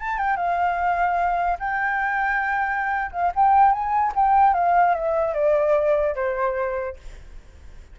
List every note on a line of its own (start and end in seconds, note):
0.00 0.19 A5
0.19 0.37 G5
0.37 1.58 F5
1.59 3.11 G5
3.12 3.32 F5
3.36 3.72 G5
3.72 4.13 G#5
4.15 4.54 G5
4.54 4.95 F5
4.95 5.34 E5
5.34 6.15 D5
6.15 6.97 C5